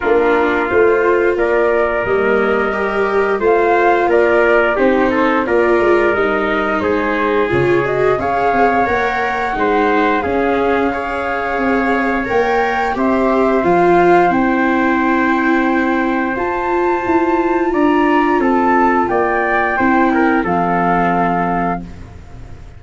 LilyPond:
<<
  \new Staff \with { instrumentName = "flute" } { \time 4/4 \tempo 4 = 88 ais'4 c''4 d''4 dis''4~ | dis''4 f''4 d''4 c''4 | d''4 dis''4 c''4 cis''8 dis''8 | f''4 fis''2 f''4~ |
f''2 g''4 e''4 | f''4 g''2. | a''2 ais''4 a''4 | g''2 f''2 | }
  \new Staff \with { instrumentName = "trumpet" } { \time 4/4 f'2 ais'2~ | ais'4 c''4 ais'4 g'8 a'8 | ais'2 gis'2 | cis''2 c''4 gis'4 |
cis''2. c''4~ | c''1~ | c''2 d''4 a'4 | d''4 c''8 ais'8 a'2 | }
  \new Staff \with { instrumentName = "viola" } { \time 4/4 d'4 f'2 ais4 | g'4 f'2 dis'4 | f'4 dis'2 f'8 fis'8 | gis'4 ais'4 dis'4 cis'4 |
gis'2 ais'4 g'4 | f'4 e'2. | f'1~ | f'4 e'4 c'2 | }
  \new Staff \with { instrumentName = "tuba" } { \time 4/4 ais4 a4 ais4 g4~ | g4 a4 ais4 c'4 | ais8 gis8 g4 gis4 cis4 | cis'8 c'8 ais4 gis4 cis'4~ |
cis'4 c'4 ais4 c'4 | f4 c'2. | f'4 e'4 d'4 c'4 | ais4 c'4 f2 | }
>>